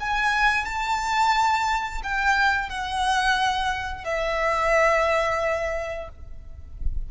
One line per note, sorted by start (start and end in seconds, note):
0.00 0.65 G#5
0.65 2.01 A5
2.03 2.69 G5
2.69 4.04 F#5
4.04 6.09 E5